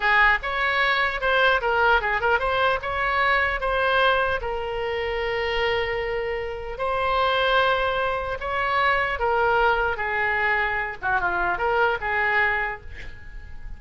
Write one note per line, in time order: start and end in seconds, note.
0.00 0.38 G#4
0.42 1.21 C#5
1.21 1.61 C5
1.61 2.01 A#4
2.01 2.20 G#4
2.20 2.39 A#4
2.39 2.79 C5
2.81 3.60 C#5
3.60 4.40 C5
4.41 6.78 A#4
6.78 8.38 C5
8.40 9.19 C#5
9.19 9.97 A#4
9.97 10.97 G#4
11.01 11.20 F#4
11.20 11.57 F4
11.57 11.97 A#4
12.01 12.81 G#4